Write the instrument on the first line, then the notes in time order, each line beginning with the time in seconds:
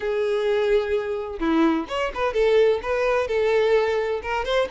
violin
0.00 G#4
1.39 E4
1.88 C#5
2.14 B4
2.33 A4
2.82 B4
3.27 A4
4.22 A#4
4.44 C5